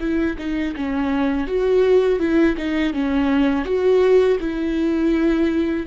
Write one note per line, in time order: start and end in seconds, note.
0.00 0.37 E4
0.38 0.75 D#4
0.76 1.47 C#4
1.47 2.19 F#4
2.19 2.56 E4
2.57 2.93 D#4
2.93 3.65 C#4
3.65 4.38 F#4
4.40 5.86 E4